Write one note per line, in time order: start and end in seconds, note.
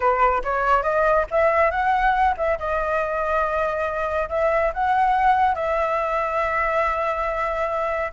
0.00 0.42 B4
0.44 0.82 C#5
0.82 1.25 D#5
1.31 1.70 E5
1.70 2.35 F#5
2.37 2.58 E5
2.58 4.29 D#5
4.29 4.72 E5
4.73 5.54 F#5
5.54 8.12 E5